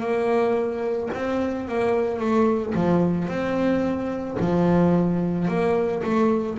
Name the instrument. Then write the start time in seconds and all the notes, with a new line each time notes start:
double bass
0.00 A#3
1.14 C4
1.69 A#3
2.19 A3
2.75 F3
3.28 C4
4.40 F3
5.48 A#3
6.03 A3